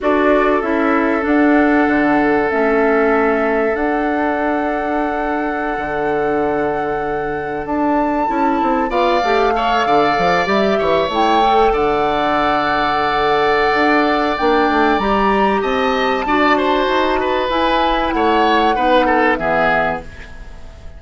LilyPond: <<
  \new Staff \with { instrumentName = "flute" } { \time 4/4 \tempo 4 = 96 d''4 e''4 fis''2 | e''2 fis''2~ | fis''1~ | fis''16 a''2 f''4.~ f''16~ |
f''8. e''4 g''4 fis''4~ fis''16~ | fis''2. g''4 | ais''4 a''2. | gis''4 fis''2 e''4 | }
  \new Staff \with { instrumentName = "oboe" } { \time 4/4 a'1~ | a'1~ | a'1~ | a'2~ a'16 d''4 cis''8 d''16~ |
d''4~ d''16 cis''4. d''4~ d''16~ | d''1~ | d''4 dis''4 d''8 c''4 b'8~ | b'4 cis''4 b'8 a'8 gis'4 | }
  \new Staff \with { instrumentName = "clarinet" } { \time 4/4 fis'4 e'4 d'2 | cis'2 d'2~ | d'1~ | d'4~ d'16 e'4 f'8 g'8 a'8.~ |
a'8. g'4 e'8 a'4.~ a'16~ | a'2. d'4 | g'2 fis'2 | e'2 dis'4 b4 | }
  \new Staff \with { instrumentName = "bassoon" } { \time 4/4 d'4 cis'4 d'4 d4 | a2 d'2~ | d'4~ d'16 d2~ d8.~ | d16 d'4 cis'8 c'8 b8 a4 d16~ |
d16 f8 g8 e8 a4 d4~ d16~ | d2 d'4 ais8 a8 | g4 c'4 d'4 dis'4 | e'4 a4 b4 e4 | }
>>